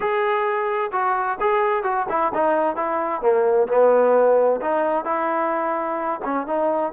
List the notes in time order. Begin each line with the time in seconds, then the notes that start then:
0.00 G#4
0.92 F#4
1.40 G#4
1.83 F#4
2.09 E4
2.34 D#4
2.76 E4
3.21 A#3
3.68 B3
4.61 D#4
5.05 E4
6.24 C#4
6.46 D#4